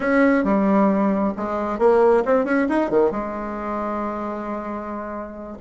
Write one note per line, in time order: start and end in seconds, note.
0.00 0.44 C#4
0.44 1.33 G3
1.37 1.78 G#3
1.78 2.23 A#3
2.25 2.44 C4
2.44 2.67 C#4
2.69 2.90 D#4
2.90 3.11 D#3
3.11 5.57 G#3